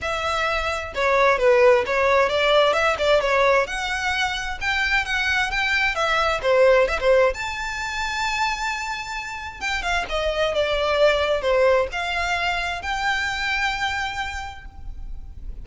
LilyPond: \new Staff \with { instrumentName = "violin" } { \time 4/4 \tempo 4 = 131 e''2 cis''4 b'4 | cis''4 d''4 e''8 d''8 cis''4 | fis''2 g''4 fis''4 | g''4 e''4 c''4 e''16 c''8. |
a''1~ | a''4 g''8 f''8 dis''4 d''4~ | d''4 c''4 f''2 | g''1 | }